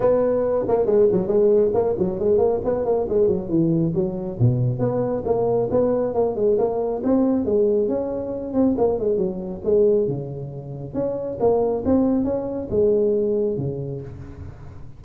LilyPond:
\new Staff \with { instrumentName = "tuba" } { \time 4/4 \tempo 4 = 137 b4. ais8 gis8 fis8 gis4 | ais8 fis8 gis8 ais8 b8 ais8 gis8 fis8 | e4 fis4 b,4 b4 | ais4 b4 ais8 gis8 ais4 |
c'4 gis4 cis'4. c'8 | ais8 gis8 fis4 gis4 cis4~ | cis4 cis'4 ais4 c'4 | cis'4 gis2 cis4 | }